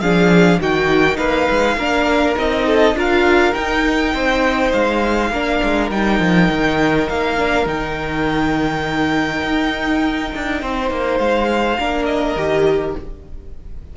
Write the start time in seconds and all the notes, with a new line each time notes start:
0.00 F3 D4 G#4 F5
0.60 D#3 D#4 F#4 G5
1.17 A#3 B4 F5
1.50 G#3
1.76 A#3 D4 A#4
2.36 C4 D#4 D#5
2.66 A4
2.94 D4 F4 A#4
3.00 F5
3.54 D#4 G5
4.14 C4 C5
4.72 G#3 F5
5.30 A#3 D4 A#4
5.63 G#3
5.90 G3 D#4 G5
6.19 F3
6.50 D#3
7.09 A#3 F5
7.37 D4
7.65 D#3 D#4 G5
9.43 D#4
10.34 D4
10.61 C4 C5
10.90 A#3
11.18 G#3 F5
11.79 A#3 D4 A#4
12.05 D#5
12.36 D#3 G4